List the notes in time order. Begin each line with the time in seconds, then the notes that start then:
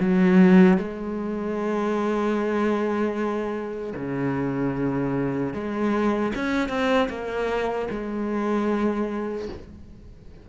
0.00 F#3
0.78 G#3
3.96 C#3
5.54 G#3
6.36 C#4
6.69 C4
7.09 A#3
7.91 G#3